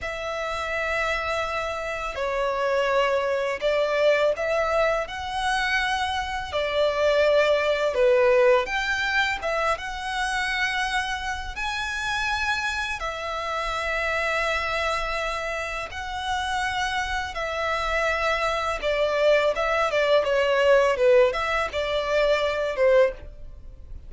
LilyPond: \new Staff \with { instrumentName = "violin" } { \time 4/4 \tempo 4 = 83 e''2. cis''4~ | cis''4 d''4 e''4 fis''4~ | fis''4 d''2 b'4 | g''4 e''8 fis''2~ fis''8 |
gis''2 e''2~ | e''2 fis''2 | e''2 d''4 e''8 d''8 | cis''4 b'8 e''8 d''4. c''8 | }